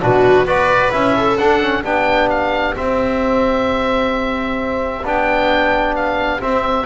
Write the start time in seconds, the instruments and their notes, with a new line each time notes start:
0.00 double bass B2, trombone D4, viola F#4, oboe B4
0.45 double bass B3, trombone F#4, viola B4, oboe D5
0.90 double bass C#4, trombone E4, oboe E5
1.16 viola A4
1.37 double bass D4, trombone D4, oboe F#5
1.61 trombone C#4
1.82 double bass B3, trombone D4, viola G4, oboe G5
2.29 oboe F5
2.75 trombone C4, double bass C4, oboe E5
5.05 double bass B3, trombone D4, oboe G5
5.96 oboe F5
6.40 trombone C4, double bass C4, oboe E5